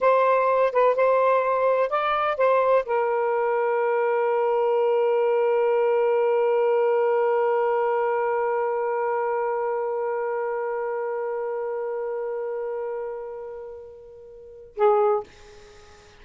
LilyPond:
\new Staff \with { instrumentName = "saxophone" } { \time 4/4 \tempo 4 = 126 c''4. b'8 c''2 | d''4 c''4 ais'2~ | ais'1~ | ais'1~ |
ais'1~ | ais'1~ | ais'1~ | ais'2. gis'4 | }